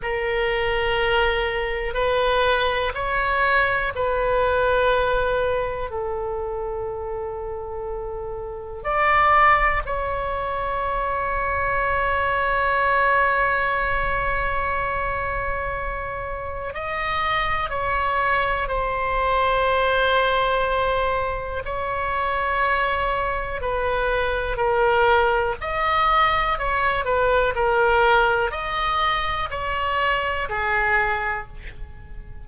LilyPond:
\new Staff \with { instrumentName = "oboe" } { \time 4/4 \tempo 4 = 61 ais'2 b'4 cis''4 | b'2 a'2~ | a'4 d''4 cis''2~ | cis''1~ |
cis''4 dis''4 cis''4 c''4~ | c''2 cis''2 | b'4 ais'4 dis''4 cis''8 b'8 | ais'4 dis''4 cis''4 gis'4 | }